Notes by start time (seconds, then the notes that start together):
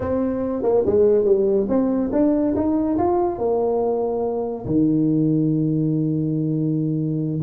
0.00 C4
0.62 A#3
0.86 G#3
1.25 G3
1.68 C4
2.12 D4
2.55 D#4
2.98 F4
3.38 A#3
4.65 D#3